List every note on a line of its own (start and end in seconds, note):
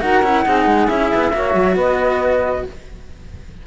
0.00 0.22 D#4
0.00 0.22 F#4
0.00 0.45 A#4
0.00 0.88 F#5
0.22 0.44 C#4
0.22 0.45 E4
0.45 0.65 C4
0.45 0.87 D#4
0.45 1.33 G#4
0.65 0.87 G#3
0.87 1.11 C#4
0.87 1.31 E4
0.87 1.76 E5
1.14 1.33 B3
1.33 1.54 A#3
1.33 2.65 F#4
1.33 1.74 C#5
1.54 1.75 F#3
1.74 2.63 B3
1.74 2.62 B4
1.74 2.66 D#5